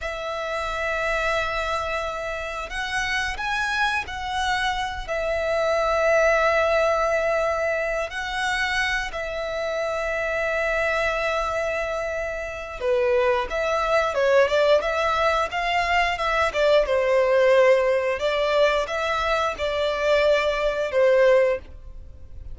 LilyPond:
\new Staff \with { instrumentName = "violin" } { \time 4/4 \tempo 4 = 89 e''1 | fis''4 gis''4 fis''4. e''8~ | e''1 | fis''4. e''2~ e''8~ |
e''2. b'4 | e''4 cis''8 d''8 e''4 f''4 | e''8 d''8 c''2 d''4 | e''4 d''2 c''4 | }